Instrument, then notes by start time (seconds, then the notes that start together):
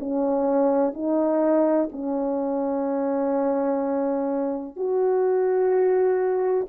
horn
0.00 C#4
0.94 D#4
1.93 C#4
4.77 F#4